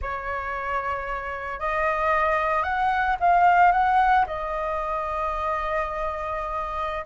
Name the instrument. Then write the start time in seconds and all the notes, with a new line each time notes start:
flute
0.01 C#5
1.59 D#5
2.63 F#5
3.20 F5
3.72 F#5
4.26 D#5